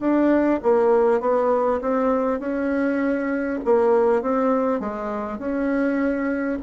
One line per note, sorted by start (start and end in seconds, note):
0.00 0.60 D4
0.63 1.20 A#3
1.20 1.80 B3
1.81 2.39 C4
2.39 3.59 C#4
3.65 4.22 A#3
4.22 4.80 C4
4.80 5.38 G#3
5.38 6.58 C#4